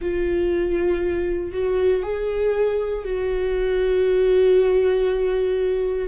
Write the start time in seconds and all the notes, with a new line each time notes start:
0.00 F4
1.52 F#4
2.02 G#4
3.04 F#4